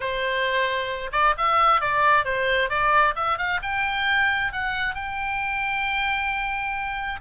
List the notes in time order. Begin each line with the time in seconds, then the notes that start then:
0.00 C5
1.12 D5
1.37 E5
1.80 D5
2.24 C5
2.69 D5
3.15 E5
3.38 F5
3.62 G5
4.52 F#5
4.94 G5